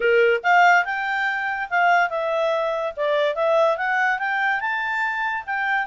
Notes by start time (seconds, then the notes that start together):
0.00 A#4
0.43 F5
0.84 G5
1.69 F5
2.09 E5
2.96 D5
3.35 E5
3.77 F#5
4.18 G5
4.60 A5
5.46 G5